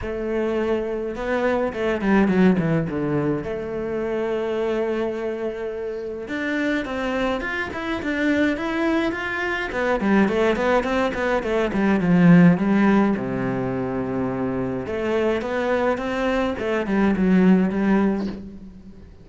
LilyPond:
\new Staff \with { instrumentName = "cello" } { \time 4/4 \tempo 4 = 105 a2 b4 a8 g8 | fis8 e8 d4 a2~ | a2. d'4 | c'4 f'8 e'8 d'4 e'4 |
f'4 b8 g8 a8 b8 c'8 b8 | a8 g8 f4 g4 c4~ | c2 a4 b4 | c'4 a8 g8 fis4 g4 | }